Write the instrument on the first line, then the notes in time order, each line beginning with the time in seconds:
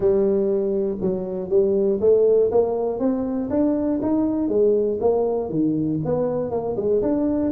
tuba
0.00 G3
1.00 F#3
1.49 G3
2.00 A3
2.51 A#3
2.99 C4
3.50 D4
4.02 D#4
4.48 G#3
5.00 A#3
5.49 D#3
6.04 B3
6.50 A#3
6.76 G#3
7.02 D4